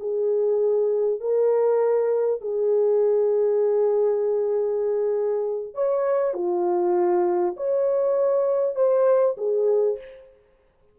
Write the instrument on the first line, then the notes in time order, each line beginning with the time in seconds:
horn
0.00 G#4
1.21 A#4
2.42 G#4
5.75 C#5
6.34 F4
7.57 C#5
8.76 C5
9.38 G#4